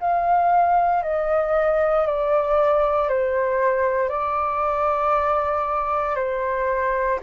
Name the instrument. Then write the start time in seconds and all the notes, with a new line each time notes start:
flute
0.00 F5
1.03 D#5
2.06 D5
3.09 C5
4.10 D5
6.16 C5